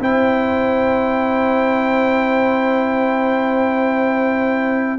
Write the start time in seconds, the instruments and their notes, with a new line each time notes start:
0.00 tuba C4, trombone E4, horn C5, trumpet G5